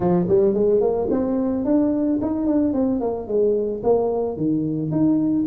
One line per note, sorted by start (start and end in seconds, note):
0.00 0.27 F3
0.28 0.54 G3
0.54 0.80 G#3
0.80 1.08 A#3
1.10 1.64 C4
1.65 2.19 D4
2.21 2.46 D#4
2.46 2.73 D4
2.73 3.00 C4
3.00 3.27 A#3
3.27 3.82 G#3
3.83 4.36 A#3
4.36 4.91 D#3
4.91 5.45 D#4